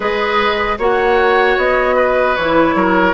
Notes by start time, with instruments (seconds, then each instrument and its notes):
0.00 bassoon G#3, clarinet G#4, oboe B4, flute D#5
0.78 bassoon A#3, clarinet F#4, oboe C#5, flute F#5
1.57 bassoon B3, flute D#5
1.96 oboe B4
2.35 bassoon E3, clarinet E4, flute C#5
2.74 bassoon F#3, oboe A#4